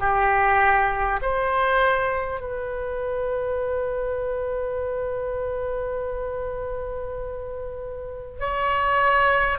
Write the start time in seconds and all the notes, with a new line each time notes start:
0.00 G4
1.22 C5
2.40 B4
8.39 C#5